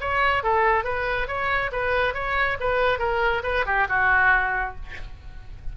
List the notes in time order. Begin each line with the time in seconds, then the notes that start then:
0.00 C#5
0.43 A4
0.84 B4
1.27 C#5
1.72 B4
2.13 C#5
2.59 B4
2.98 A#4
3.43 B4
3.65 G4
3.88 F#4